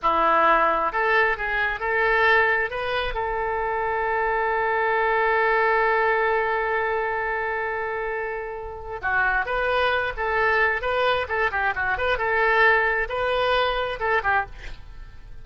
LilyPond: \new Staff \with { instrumentName = "oboe" } { \time 4/4 \tempo 4 = 133 e'2 a'4 gis'4 | a'2 b'4 a'4~ | a'1~ | a'1~ |
a'1 | fis'4 b'4. a'4. | b'4 a'8 g'8 fis'8 b'8 a'4~ | a'4 b'2 a'8 g'8 | }